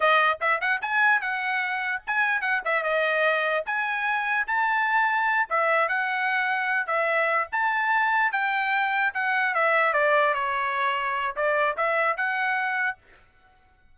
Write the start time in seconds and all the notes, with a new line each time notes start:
0.00 D#5
0.40 E5
0.60 F#5
0.81 G#5
1.21 F#5
2.06 G#5
2.41 F#5
2.64 E5
2.83 D#5
3.65 G#5
4.47 A5
5.49 E5
5.88 F#5
6.86 E5
7.52 A5
8.32 G5
9.13 F#5
9.54 E5
9.93 D5
10.34 C#5
11.36 D5
11.76 E5
12.16 F#5